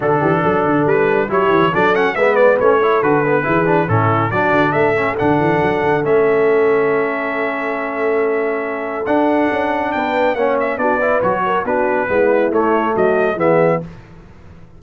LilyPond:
<<
  \new Staff \with { instrumentName = "trumpet" } { \time 4/4 \tempo 4 = 139 a'2 b'4 cis''4 | d''8 fis''8 e''8 d''8 cis''4 b'4~ | b'4 a'4 d''4 e''4 | fis''2 e''2~ |
e''1~ | e''4 fis''2 g''4 | fis''8 e''8 d''4 cis''4 b'4~ | b'4 cis''4 dis''4 e''4 | }
  \new Staff \with { instrumentName = "horn" } { \time 4/4 fis'8 g'8 a'2 g'4 | a'4 b'4. a'4. | gis'4 e'4 fis'4 a'4~ | a'1~ |
a'1~ | a'2. b'4 | cis''4 fis'8 b'4 ais'8 fis'4 | e'2 fis'4 gis'4 | }
  \new Staff \with { instrumentName = "trombone" } { \time 4/4 d'2. e'4 | d'8 cis'8 b4 cis'8 e'8 fis'8 b8 | e'8 d'8 cis'4 d'4. cis'8 | d'2 cis'2~ |
cis'1~ | cis'4 d'2. | cis'4 d'8 e'8 fis'4 d'4 | b4 a2 b4 | }
  \new Staff \with { instrumentName = "tuba" } { \time 4/4 d8 e8 fis8 d8 g4 fis8 e8 | fis4 gis4 a4 d4 | e4 a,4 fis8 d8 a4 | d8 e8 fis8 d8 a2~ |
a1~ | a4 d'4 cis'4 b4 | ais4 b4 fis4 b4 | gis4 a4 fis4 e4 | }
>>